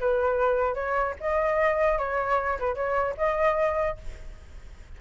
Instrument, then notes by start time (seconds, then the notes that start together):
flute
0.00 B4
0.75 C#5
1.21 D#5
1.99 C#5
2.60 B4
2.75 C#5
3.17 D#5